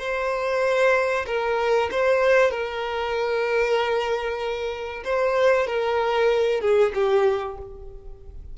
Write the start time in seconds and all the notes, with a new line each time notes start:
0.00 C5
1.27 A#4
1.92 C5
2.51 A#4
5.05 C5
5.67 A#4
6.61 G#4
6.95 G4